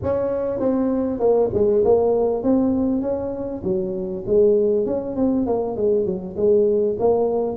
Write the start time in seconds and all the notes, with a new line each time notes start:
0.02 C#4
0.59 C4
1.19 A#3
1.53 G#3
1.84 A#3
2.43 C4
3.01 C#4
3.63 F#3
4.26 G#3
4.85 C#4
5.15 C4
5.46 A#3
5.76 G#3
6.05 F#3
6.36 G#3
6.99 A#3